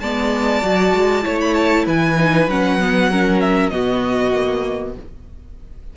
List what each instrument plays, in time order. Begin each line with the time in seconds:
0.00 cello G#3, viola B3, violin D5 A5
0.62 cello F#3, viola F#4
0.94 cello G#3
1.23 cello A3, viola E4, violin C#5
1.41 violin B5
1.54 violin A5
1.86 cello E3, violin B4 G#5
2.18 viola D#4
2.48 cello F#3, viola C#4, violin F#5
2.81 viola B3
3.11 viola C#4, violin A#4
3.41 violin E5
3.70 cello B2, viola B3, violin F#4 D#5
4.33 viola A#3